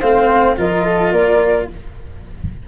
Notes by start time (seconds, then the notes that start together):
0.00 A3 C4 C5 F5
0.57 F3 F4 A#4 D#5
0.85 A4
1.12 A#3 A#4 D5